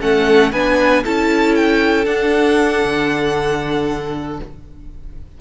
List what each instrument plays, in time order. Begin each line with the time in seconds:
0.00 cello A3, viola C#4, violin A4 F#5
0.52 cello B3, viola D4, violin B4 G#5
1.04 cello C#4, viola E4, violin A4 A5
1.55 violin G5
2.05 viola D4, cello D4, violin F#5
2.84 cello D3